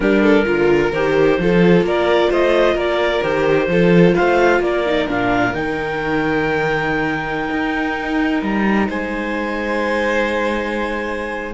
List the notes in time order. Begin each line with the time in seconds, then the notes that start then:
0.00 G3 D4 G4 A#4
0.22 A4
0.45 D3 F4 A#4
0.92 D#3 G4 C5
1.38 F3 F4 A4
1.81 A#3 A#4 D5
2.30 A3 C5 D#5
2.74 A#3 A#4 D5
3.22 D#3 G4 C5
3.68 F3 F4 A4
4.14 A3 C5 F5
4.59 A#3 A#4 D5
4.86 D#4
5.07 A#2 D4 F5
5.53 D#3 D#4 G5
7.50 D#4
8.42 G3 A#5
8.88 G#3 C5 G#5